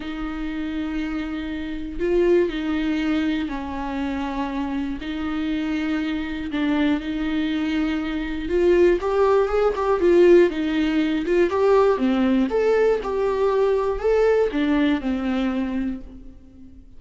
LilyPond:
\new Staff \with { instrumentName = "viola" } { \time 4/4 \tempo 4 = 120 dis'1 | f'4 dis'2 cis'4~ | cis'2 dis'2~ | dis'4 d'4 dis'2~ |
dis'4 f'4 g'4 gis'8 g'8 | f'4 dis'4. f'8 g'4 | c'4 a'4 g'2 | a'4 d'4 c'2 | }